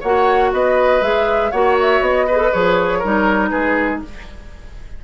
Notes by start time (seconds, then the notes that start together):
0.00 A#3 F#4 C#5 F#5
0.53 B3 B4 D#5
1.01 G#3 G#4 E5
1.51 A#3 F#4 C#5 F#5
1.81 E5
2.01 B3 D#5
2.26 G#4 B4
2.38 A4
2.52 F3 G#4 C#5
2.99 G3 D#4 A#4
3.49 G#3 G#4 B4